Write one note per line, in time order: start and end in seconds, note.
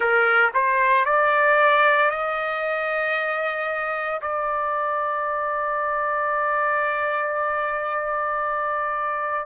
0.00 0.50 A#4
0.54 1.05 C5
1.05 2.10 D5
2.10 4.21 D#5
4.21 9.46 D5